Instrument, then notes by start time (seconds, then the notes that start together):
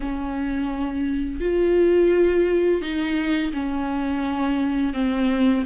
viola
0.00 C#4
1.40 F4
2.81 D#4
3.53 C#4
4.93 C4